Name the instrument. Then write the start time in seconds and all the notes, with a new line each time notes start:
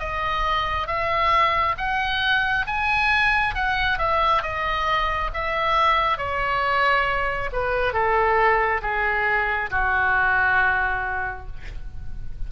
oboe
0.00 D#5
0.87 E5
1.78 F#5
2.67 G#5
3.55 F#5
3.99 E5
4.42 D#5
5.34 E5
6.18 C#5
7.53 B4
7.93 A4
8.82 G#4
9.71 F#4